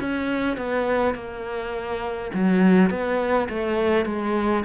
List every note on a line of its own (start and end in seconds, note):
0.00 0.57 C#4
0.57 1.15 B3
1.15 2.31 A#3
2.34 2.90 F#3
2.90 3.48 B3
3.49 4.06 A3
4.06 4.64 G#3